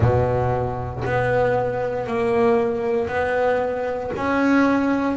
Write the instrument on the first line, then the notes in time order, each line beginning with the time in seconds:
double bass
0.00 B2
1.04 B3
2.06 A#3
3.08 B3
4.16 C#4